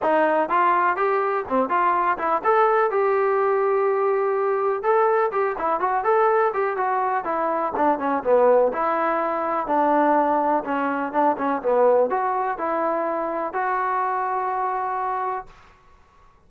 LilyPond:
\new Staff \with { instrumentName = "trombone" } { \time 4/4 \tempo 4 = 124 dis'4 f'4 g'4 c'8 f'8~ | f'8 e'8 a'4 g'2~ | g'2 a'4 g'8 e'8 | fis'8 a'4 g'8 fis'4 e'4 |
d'8 cis'8 b4 e'2 | d'2 cis'4 d'8 cis'8 | b4 fis'4 e'2 | fis'1 | }